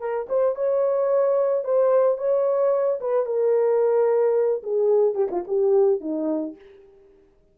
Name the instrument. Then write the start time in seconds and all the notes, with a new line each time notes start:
horn
0.00 A#4
0.29 C5
0.56 C#5
1.64 C5
2.18 C#5
3.01 B4
3.26 A#4
4.63 G#4
5.15 G4
5.31 F4
5.47 G4
6.01 D#4